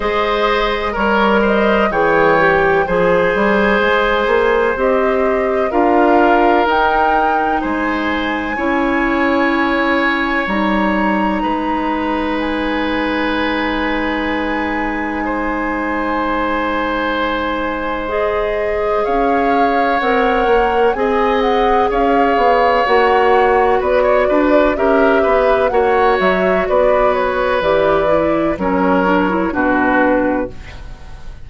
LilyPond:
<<
  \new Staff \with { instrumentName = "flute" } { \time 4/4 \tempo 4 = 63 dis''4 cis''8 dis''8 g''4 gis''4~ | gis''4 dis''4 f''4 g''4 | gis''2. ais''4~ | ais''4 gis''2.~ |
gis''2. dis''4 | f''4 fis''4 gis''8 fis''8 f''4 | fis''4 d''4 e''4 fis''8 e''8 | d''8 cis''8 d''4 cis''4 b'4 | }
  \new Staff \with { instrumentName = "oboe" } { \time 4/4 c''4 ais'8 c''8 cis''4 c''4~ | c''2 ais'2 | c''4 cis''2. | b'1 |
c''1 | cis''2 dis''4 cis''4~ | cis''4 b'16 cis''16 b'8 ais'8 b'8 cis''4 | b'2 ais'4 fis'4 | }
  \new Staff \with { instrumentName = "clarinet" } { \time 4/4 gis'4 ais'4 gis'8 g'8 gis'4~ | gis'4 g'4 f'4 dis'4~ | dis'4 e'2 dis'4~ | dis'1~ |
dis'2. gis'4~ | gis'4 ais'4 gis'2 | fis'2 g'4 fis'4~ | fis'4 g'8 e'8 cis'8 d'16 e'16 d'4 | }
  \new Staff \with { instrumentName = "bassoon" } { \time 4/4 gis4 g4 e4 f8 g8 | gis8 ais8 c'4 d'4 dis'4 | gis4 cis'2 g4 | gis1~ |
gis1 | cis'4 c'8 ais8 c'4 cis'8 b8 | ais4 b8 d'8 cis'8 b8 ais8 fis8 | b4 e4 fis4 b,4 | }
>>